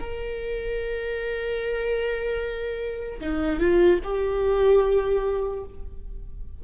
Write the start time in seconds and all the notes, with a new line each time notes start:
0.00 A#4
3.20 D#4
3.60 F4
4.03 G4